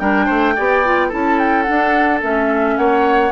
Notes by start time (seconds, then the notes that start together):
0.00 G3 D4 A#4 G5
0.26 A3 C5
0.56 B3 G4 D5
0.85 F4
1.08 C#4 E4 A4 A5
1.39 G5
1.63 D4 F#5
1.69 D4
2.21 A3 C#4 E5
2.77 A#3 C#5 F#5